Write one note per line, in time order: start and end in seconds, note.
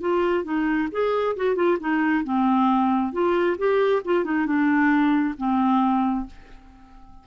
0.00 0.44 F4
0.44 0.88 D#4
0.92 1.36 G#4
1.36 1.55 F#4
1.55 1.78 F4
1.80 2.24 D#4
2.24 3.12 C4
3.12 3.57 F4
3.58 4.02 G4
4.04 4.24 F4
4.24 4.46 D#4
4.46 5.35 D4
5.37 6.26 C4